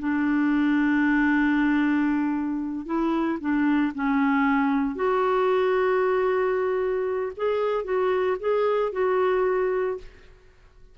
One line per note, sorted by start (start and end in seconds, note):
0.00 2.86 D4
2.86 3.39 E4
3.40 3.93 D4
3.95 4.96 C#4
4.96 7.33 F#4
7.37 7.85 G#4
7.85 8.37 F#4
8.40 8.93 G#4
8.93 9.98 F#4